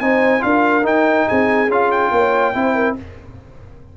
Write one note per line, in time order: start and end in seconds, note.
0.00 0.42 C4
0.00 0.40 D#4
0.00 0.44 C5
0.00 0.43 G#5
0.40 0.84 D4
0.40 0.82 F4
0.40 0.85 F5
0.46 1.28 A#4
0.83 1.68 D#4
0.83 1.26 D#4
0.83 1.28 G5
1.28 1.68 C4
1.28 2.12 G#4
1.28 1.71 G#5
1.68 2.11 C#4
1.68 2.54 F4
1.68 1.91 F5
1.91 2.97 G5
2.12 2.54 A#3
2.12 2.55 C#5
2.54 2.97 C4
2.54 2.96 E4
2.54 2.75 C5
2.75 2.96 A#4